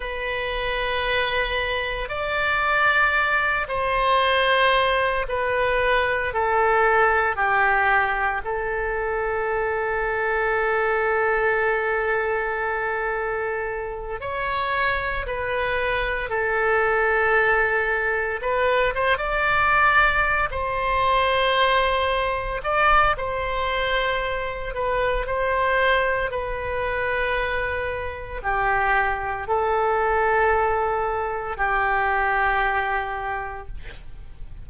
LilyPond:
\new Staff \with { instrumentName = "oboe" } { \time 4/4 \tempo 4 = 57 b'2 d''4. c''8~ | c''4 b'4 a'4 g'4 | a'1~ | a'4. cis''4 b'4 a'8~ |
a'4. b'8 c''16 d''4~ d''16 c''8~ | c''4. d''8 c''4. b'8 | c''4 b'2 g'4 | a'2 g'2 | }